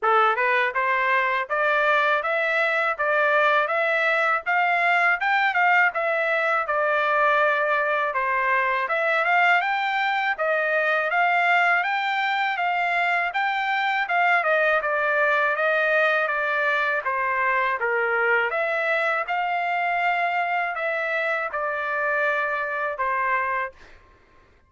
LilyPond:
\new Staff \with { instrumentName = "trumpet" } { \time 4/4 \tempo 4 = 81 a'8 b'8 c''4 d''4 e''4 | d''4 e''4 f''4 g''8 f''8 | e''4 d''2 c''4 | e''8 f''8 g''4 dis''4 f''4 |
g''4 f''4 g''4 f''8 dis''8 | d''4 dis''4 d''4 c''4 | ais'4 e''4 f''2 | e''4 d''2 c''4 | }